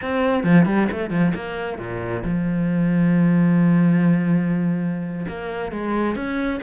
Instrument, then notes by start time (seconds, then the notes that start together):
cello
0.01 C4
0.43 F3
0.65 G3
0.91 A3
1.10 F3
1.35 A#3
1.78 A#2
2.24 F3
5.27 A#3
5.71 G#3
6.15 C#4